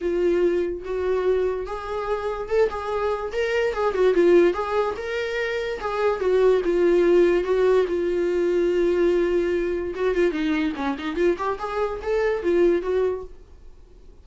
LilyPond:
\new Staff \with { instrumentName = "viola" } { \time 4/4 \tempo 4 = 145 f'2 fis'2 | gis'2 a'8 gis'4. | ais'4 gis'8 fis'8 f'4 gis'4 | ais'2 gis'4 fis'4 |
f'2 fis'4 f'4~ | f'1 | fis'8 f'8 dis'4 cis'8 dis'8 f'8 g'8 | gis'4 a'4 f'4 fis'4 | }